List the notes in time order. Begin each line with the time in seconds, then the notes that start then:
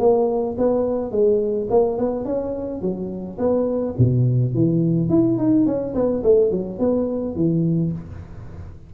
0.00 A#3
0.58 B3
1.12 G#3
1.71 A#3
1.99 B3
2.26 C#4
2.82 F#3
3.39 B3
3.99 B2
4.55 E3
5.10 E4
5.38 D#4
5.67 C#4
5.95 B3
6.24 A3
6.52 F#3
6.80 B3
7.36 E3